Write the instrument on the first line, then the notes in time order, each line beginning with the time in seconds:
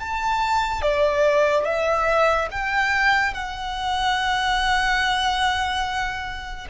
violin
0.00 A5
0.82 D5
1.65 E5
2.51 G5
3.34 F#5